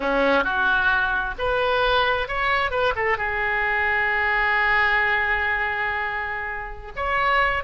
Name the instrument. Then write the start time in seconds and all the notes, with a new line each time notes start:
oboe
0.00 C#4
0.44 F#4
1.38 B4
2.27 C#5
2.70 B4
2.95 A4
3.17 G#4
6.96 C#5